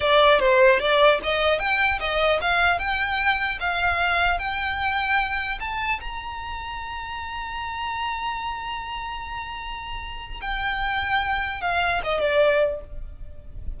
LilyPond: \new Staff \with { instrumentName = "violin" } { \time 4/4 \tempo 4 = 150 d''4 c''4 d''4 dis''4 | g''4 dis''4 f''4 g''4~ | g''4 f''2 g''4~ | g''2 a''4 ais''4~ |
ais''1~ | ais''1~ | ais''2 g''2~ | g''4 f''4 dis''8 d''4. | }